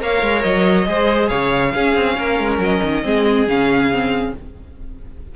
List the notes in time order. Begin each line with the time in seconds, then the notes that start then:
0.00 A#3 A#4 C#5 F5
0.22 G#3
0.43 F#3 D#5
0.86 G#3 G#4 C5
1.28 C#3 C#5 F5
1.74 C#4 G#4
1.96 C4
2.18 A#3 A#4
2.39 G#3
2.59 F#3 D#5
2.84 D#3
3.03 G#3 C4 G#4
3.48 C#3 C#4 F5
3.93 C4